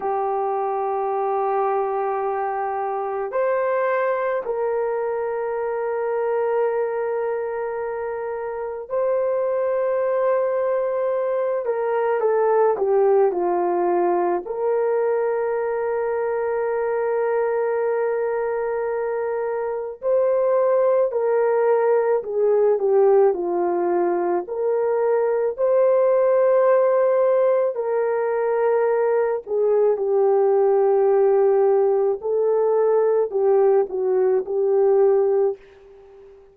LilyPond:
\new Staff \with { instrumentName = "horn" } { \time 4/4 \tempo 4 = 54 g'2. c''4 | ais'1 | c''2~ c''8 ais'8 a'8 g'8 | f'4 ais'2.~ |
ais'2 c''4 ais'4 | gis'8 g'8 f'4 ais'4 c''4~ | c''4 ais'4. gis'8 g'4~ | g'4 a'4 g'8 fis'8 g'4 | }